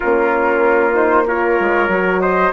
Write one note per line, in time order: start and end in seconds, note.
0.00 1.59 A#3
0.00 0.92 C#4
0.00 1.26 F4
0.00 0.94 A#4
0.92 1.24 D#4
0.92 1.26 C5
1.26 1.89 F4
1.26 2.21 A#4
1.26 2.20 C#5
1.59 1.88 G#3
1.88 2.51 F#3
1.88 2.52 F#4
2.20 2.53 C5
2.20 2.52 D#5